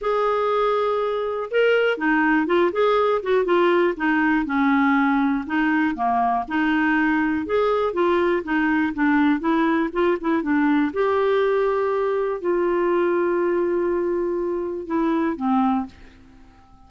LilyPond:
\new Staff \with { instrumentName = "clarinet" } { \time 4/4 \tempo 4 = 121 gis'2. ais'4 | dis'4 f'8 gis'4 fis'8 f'4 | dis'4 cis'2 dis'4 | ais4 dis'2 gis'4 |
f'4 dis'4 d'4 e'4 | f'8 e'8 d'4 g'2~ | g'4 f'2.~ | f'2 e'4 c'4 | }